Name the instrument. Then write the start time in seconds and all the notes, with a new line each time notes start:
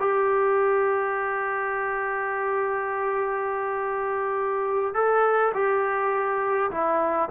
trombone
0.00 G4
4.94 A4
5.54 G4
6.71 E4